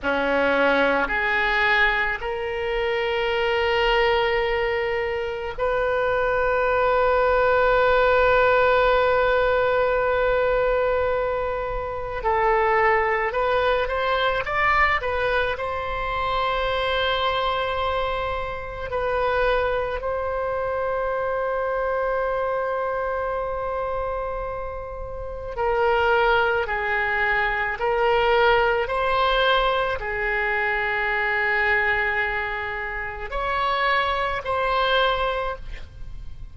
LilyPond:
\new Staff \with { instrumentName = "oboe" } { \time 4/4 \tempo 4 = 54 cis'4 gis'4 ais'2~ | ais'4 b'2.~ | b'2. a'4 | b'8 c''8 d''8 b'8 c''2~ |
c''4 b'4 c''2~ | c''2. ais'4 | gis'4 ais'4 c''4 gis'4~ | gis'2 cis''4 c''4 | }